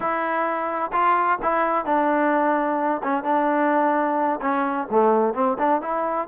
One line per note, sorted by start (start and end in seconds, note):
0.00 0.91 E4
0.92 1.38 F4
1.42 1.85 E4
1.85 3.01 D4
3.03 3.23 C#4
3.23 4.40 D4
4.41 4.87 C#4
4.90 5.34 A3
5.34 5.57 C4
5.58 5.81 D4
5.81 6.28 E4